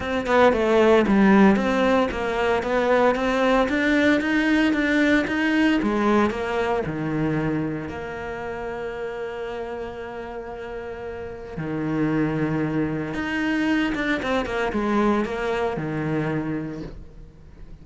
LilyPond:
\new Staff \with { instrumentName = "cello" } { \time 4/4 \tempo 4 = 114 c'8 b8 a4 g4 c'4 | ais4 b4 c'4 d'4 | dis'4 d'4 dis'4 gis4 | ais4 dis2 ais4~ |
ais1~ | ais2 dis2~ | dis4 dis'4. d'8 c'8 ais8 | gis4 ais4 dis2 | }